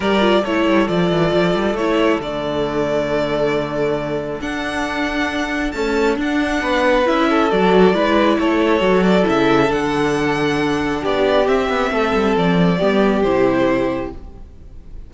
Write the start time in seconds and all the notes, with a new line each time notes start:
0.00 G3 G4 A#4 D5
0.20 F4
0.42 A3 E4 A4 C#5
0.66 G3
0.87 F3 F4 D5
1.10 E3
1.33 F3
1.55 G3
1.73 A3 E4 C#5
2.19 D3 A3 D5
4.40 D4 F#5
5.71 A3 C#4 A5
6.16 D4 F#5
6.61 B3 B4
7.05 C#4 E4 E5
7.29 A4
7.51 F#3 F#4 D5
7.93 G#3 E4 B4
8.39 A3 A4 C#5
8.80 F#3 F#4
9.03 D5
9.23 C#3 E4
9.29 E5
9.69 D3 D4 F#5
11.01 B3 G4 D5
11.45 C4 E5
11.69 B3
11.90 A3 A4
12.13 G3
12.36 F3 D5
12.78 G3 B3 G4
13.22 C3 E4 C5